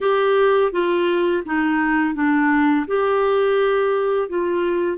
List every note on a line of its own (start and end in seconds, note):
0.00 0.71 G4
0.71 1.43 F4
1.45 2.14 D#4
2.14 2.86 D4
2.87 4.28 G4
4.28 4.97 F4